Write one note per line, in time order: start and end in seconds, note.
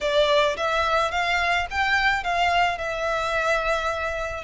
0.01 0.56 D5
0.56 1.11 E5
1.11 1.66 F5
1.70 2.23 G5
2.23 2.78 F5
2.78 4.43 E5